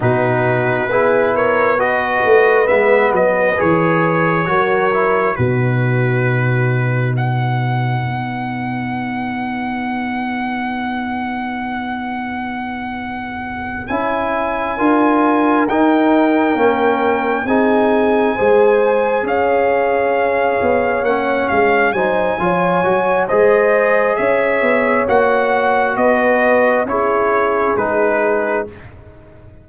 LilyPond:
<<
  \new Staff \with { instrumentName = "trumpet" } { \time 4/4 \tempo 4 = 67 b'4. cis''8 dis''4 e''8 dis''8 | cis''2 b'2 | fis''1~ | fis''2.~ fis''8 gis''8~ |
gis''4. g''2 gis''8~ | gis''4. f''2 fis''8 | f''8 gis''4. dis''4 e''4 | fis''4 dis''4 cis''4 b'4 | }
  \new Staff \with { instrumentName = "horn" } { \time 4/4 fis'4 gis'8 ais'8 b'2~ | b'4 ais'4 fis'2 | b'1~ | b'1~ |
b'8 ais'2. gis'8~ | gis'8 c''4 cis''2~ cis''8~ | cis''8 c''8 cis''4 c''4 cis''4~ | cis''4 b'4 gis'2 | }
  \new Staff \with { instrumentName = "trombone" } { \time 4/4 dis'4 e'4 fis'4 b4 | gis'4 fis'8 e'8 dis'2~ | dis'1~ | dis'2.~ dis'8 e'8~ |
e'8 f'4 dis'4 cis'4 dis'8~ | dis'8 gis'2. cis'8~ | cis'8 dis'8 f'8 fis'8 gis'2 | fis'2 e'4 dis'4 | }
  \new Staff \with { instrumentName = "tuba" } { \time 4/4 b,4 b4. a8 gis8 fis8 | e4 fis4 b,2~ | b,4 b2.~ | b2.~ b8 cis'8~ |
cis'8 d'4 dis'4 ais4 c'8~ | c'8 gis4 cis'4. b8 ais8 | gis8 fis8 f8 fis8 gis4 cis'8 b8 | ais4 b4 cis'4 gis4 | }
>>